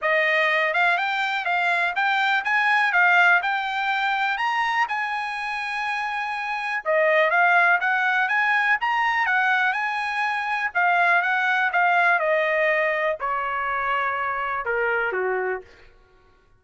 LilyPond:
\new Staff \with { instrumentName = "trumpet" } { \time 4/4 \tempo 4 = 123 dis''4. f''8 g''4 f''4 | g''4 gis''4 f''4 g''4~ | g''4 ais''4 gis''2~ | gis''2 dis''4 f''4 |
fis''4 gis''4 ais''4 fis''4 | gis''2 f''4 fis''4 | f''4 dis''2 cis''4~ | cis''2 ais'4 fis'4 | }